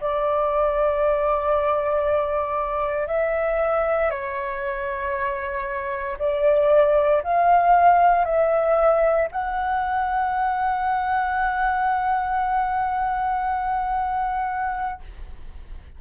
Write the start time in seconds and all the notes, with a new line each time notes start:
0.00 D5
3.07 E5
4.10 C#5
6.19 D5
7.23 F5
8.24 E5
9.32 F#5